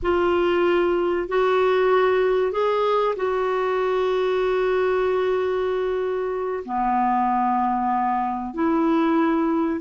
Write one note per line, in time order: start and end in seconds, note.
0.02 1.28 F4
1.28 2.51 F#4
2.51 3.15 G#4
3.16 6.63 F#4
6.65 8.53 B3
8.53 9.80 E4